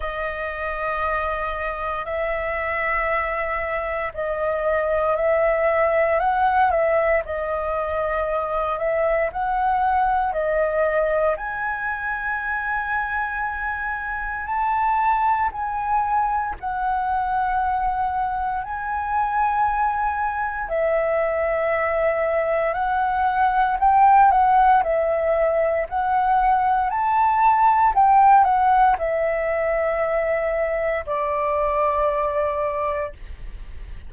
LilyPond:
\new Staff \with { instrumentName = "flute" } { \time 4/4 \tempo 4 = 58 dis''2 e''2 | dis''4 e''4 fis''8 e''8 dis''4~ | dis''8 e''8 fis''4 dis''4 gis''4~ | gis''2 a''4 gis''4 |
fis''2 gis''2 | e''2 fis''4 g''8 fis''8 | e''4 fis''4 a''4 g''8 fis''8 | e''2 d''2 | }